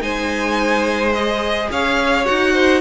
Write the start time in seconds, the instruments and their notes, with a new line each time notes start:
0.00 cello G#3, viola D#4, violin C5 G#5
1.12 viola G#4, violin D#5
1.70 cello C#4, violin C#5 F5
2.25 cello D#4, viola F#4, violin F#5
2.53 violin C5